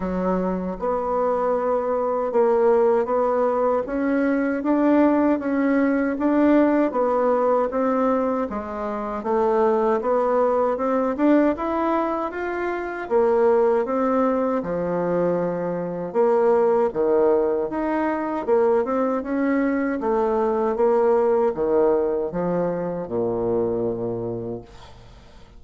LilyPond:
\new Staff \with { instrumentName = "bassoon" } { \time 4/4 \tempo 4 = 78 fis4 b2 ais4 | b4 cis'4 d'4 cis'4 | d'4 b4 c'4 gis4 | a4 b4 c'8 d'8 e'4 |
f'4 ais4 c'4 f4~ | f4 ais4 dis4 dis'4 | ais8 c'8 cis'4 a4 ais4 | dis4 f4 ais,2 | }